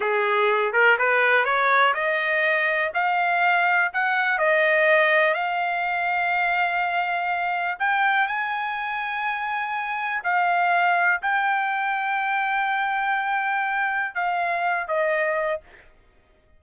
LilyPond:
\new Staff \with { instrumentName = "trumpet" } { \time 4/4 \tempo 4 = 123 gis'4. ais'8 b'4 cis''4 | dis''2 f''2 | fis''4 dis''2 f''4~ | f''1 |
g''4 gis''2.~ | gis''4 f''2 g''4~ | g''1~ | g''4 f''4. dis''4. | }